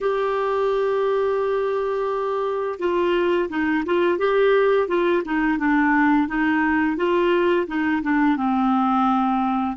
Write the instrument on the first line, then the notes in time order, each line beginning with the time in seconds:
clarinet
0.00 G4
2.79 F4
3.49 D#4
3.85 F4
4.18 G4
4.87 F4
5.24 D#4
5.58 D4
6.28 D#4
6.96 F4
7.67 D#4
8.02 D4
8.36 C4